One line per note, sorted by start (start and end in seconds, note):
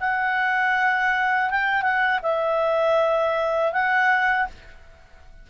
0.00 1.50 F#5
1.50 1.82 G5
1.82 2.20 F#5
2.22 3.72 E5
3.72 4.47 F#5